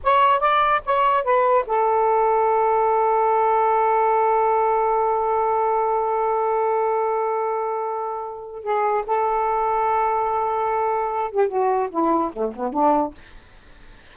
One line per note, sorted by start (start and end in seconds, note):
0.03 0.40 C#5
0.40 0.81 D5
0.85 1.23 C#5
1.23 1.65 B4
1.66 8.63 A4
8.63 9.04 G#4
9.06 11.31 A4
11.31 11.48 G4
11.48 11.89 F#4
11.90 12.31 E4
12.32 12.53 A3
12.55 12.72 B3
12.72 13.14 D4